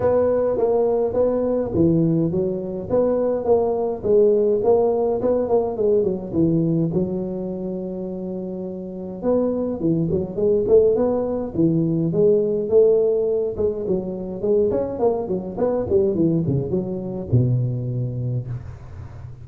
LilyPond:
\new Staff \with { instrumentName = "tuba" } { \time 4/4 \tempo 4 = 104 b4 ais4 b4 e4 | fis4 b4 ais4 gis4 | ais4 b8 ais8 gis8 fis8 e4 | fis1 |
b4 e8 fis8 gis8 a8 b4 | e4 gis4 a4. gis8 | fis4 gis8 cis'8 ais8 fis8 b8 g8 | e8 cis8 fis4 b,2 | }